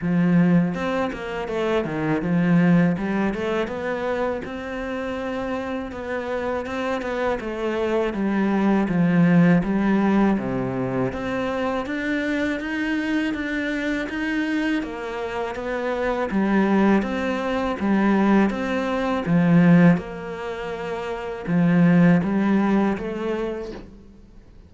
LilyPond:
\new Staff \with { instrumentName = "cello" } { \time 4/4 \tempo 4 = 81 f4 c'8 ais8 a8 dis8 f4 | g8 a8 b4 c'2 | b4 c'8 b8 a4 g4 | f4 g4 c4 c'4 |
d'4 dis'4 d'4 dis'4 | ais4 b4 g4 c'4 | g4 c'4 f4 ais4~ | ais4 f4 g4 a4 | }